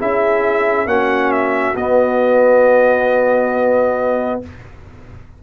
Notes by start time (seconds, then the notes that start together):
0.00 C#4 E4 G#4 E5
0.86 A#3 C#4 F#4 F#5
1.32 E5
1.76 B3 D#5